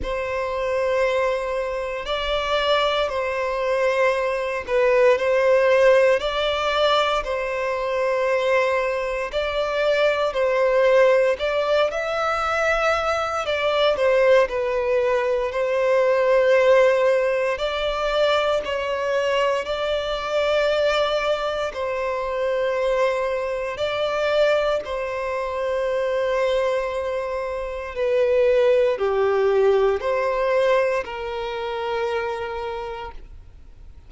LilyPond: \new Staff \with { instrumentName = "violin" } { \time 4/4 \tempo 4 = 58 c''2 d''4 c''4~ | c''8 b'8 c''4 d''4 c''4~ | c''4 d''4 c''4 d''8 e''8~ | e''4 d''8 c''8 b'4 c''4~ |
c''4 d''4 cis''4 d''4~ | d''4 c''2 d''4 | c''2. b'4 | g'4 c''4 ais'2 | }